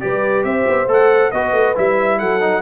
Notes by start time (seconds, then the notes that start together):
0.00 G3 G4 B4 D5
0.44 C4 C5 E5
0.67 B3
0.87 A3 A4 F#5
1.31 B3 F#4 B4 D#5
1.53 A3
1.75 G3 E4 E5
2.19 F#3 A4 F#5
2.41 D#4